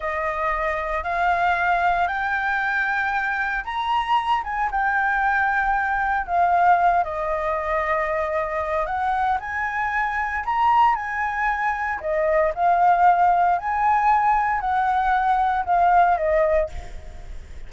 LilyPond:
\new Staff \with { instrumentName = "flute" } { \time 4/4 \tempo 4 = 115 dis''2 f''2 | g''2. ais''4~ | ais''8 gis''8 g''2. | f''4. dis''2~ dis''8~ |
dis''4 fis''4 gis''2 | ais''4 gis''2 dis''4 | f''2 gis''2 | fis''2 f''4 dis''4 | }